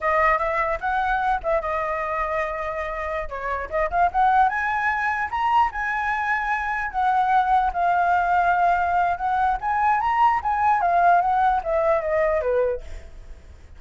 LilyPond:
\new Staff \with { instrumentName = "flute" } { \time 4/4 \tempo 4 = 150 dis''4 e''4 fis''4. e''8 | dis''1~ | dis''16 cis''4 dis''8 f''8 fis''4 gis''8.~ | gis''4~ gis''16 ais''4 gis''4.~ gis''16~ |
gis''4~ gis''16 fis''2 f''8.~ | f''2. fis''4 | gis''4 ais''4 gis''4 f''4 | fis''4 e''4 dis''4 b'4 | }